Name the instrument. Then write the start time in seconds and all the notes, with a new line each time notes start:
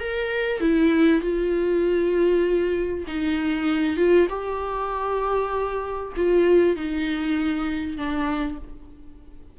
viola
0.00 A#4
0.61 E4
1.22 F4
3.08 D#4
3.97 F4
4.29 G4
6.17 F4
6.76 D#4
7.98 D4